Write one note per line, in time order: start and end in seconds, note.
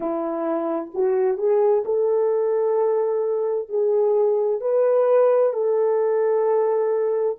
0.00 0.90 E4
0.94 1.37 F#4
1.37 1.83 G#4
1.85 3.68 A4
3.68 4.61 G#4
4.61 5.53 B4
5.53 7.37 A4